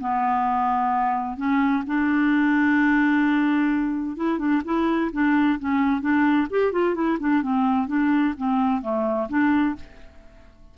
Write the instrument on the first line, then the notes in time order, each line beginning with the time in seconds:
clarinet
0.00 B3
1.37 C#4
1.87 D4
4.16 E4
4.38 D4
4.64 E4
5.12 D4
5.59 C#4
6.01 D4
6.50 G4
6.72 F4
6.95 E4
7.20 D4
7.42 C4
7.88 D4
8.37 C4
8.82 A3
9.29 D4